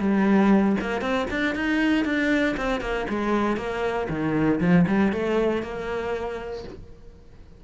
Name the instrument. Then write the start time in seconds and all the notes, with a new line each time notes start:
cello
0.00 G3
0.82 A#3
1.01 C4
1.31 D4
1.56 D#4
2.05 D4
2.57 C4
2.81 A#3
3.09 G#3
3.57 A#3
4.10 D#3
4.61 F3
4.88 G3
5.13 A3
5.63 A#3